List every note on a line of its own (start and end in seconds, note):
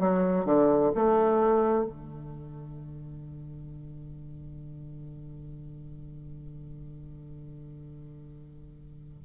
0.00 0.46 F#3
0.46 0.92 D3
0.96 1.85 A3
1.85 9.24 D3